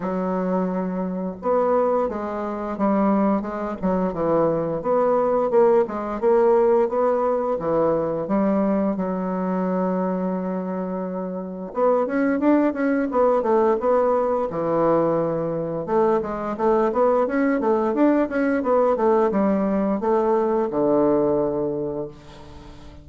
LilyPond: \new Staff \with { instrumentName = "bassoon" } { \time 4/4 \tempo 4 = 87 fis2 b4 gis4 | g4 gis8 fis8 e4 b4 | ais8 gis8 ais4 b4 e4 | g4 fis2.~ |
fis4 b8 cis'8 d'8 cis'8 b8 a8 | b4 e2 a8 gis8 | a8 b8 cis'8 a8 d'8 cis'8 b8 a8 | g4 a4 d2 | }